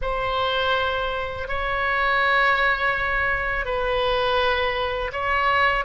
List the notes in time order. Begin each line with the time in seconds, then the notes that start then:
0.01 C5
1.48 C#5
3.65 B4
5.12 C#5